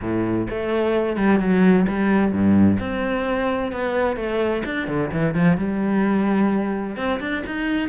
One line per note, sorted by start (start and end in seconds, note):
0.01 0.47 A2
0.49 1.16 A3
1.16 1.39 G3
1.39 1.86 F#3
1.88 2.32 G3
2.32 2.79 G2
2.79 3.72 C4
3.72 4.16 B3
4.16 4.63 A3
4.65 4.87 D4
4.87 5.10 D3
5.12 5.34 E3
5.34 5.57 F3
5.57 6.96 G3
6.96 7.19 C4
7.19 7.43 D4
7.46 7.89 D#4